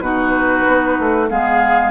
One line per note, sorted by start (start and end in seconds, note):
0.00 0.63 B2
0.00 1.28 D#4
0.00 1.29 F#4
0.00 1.27 B4
0.67 0.99 B3
0.99 1.30 A3
1.28 1.91 G#3
1.28 1.91 B3
1.28 1.91 G#4
1.28 1.91 F5